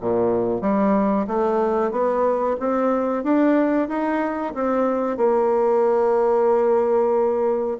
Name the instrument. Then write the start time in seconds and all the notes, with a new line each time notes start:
bassoon
0.00 A#2
0.61 G3
1.27 A3
1.91 B3
2.59 C4
3.23 D4
3.88 D#4
4.54 C4
5.17 A#3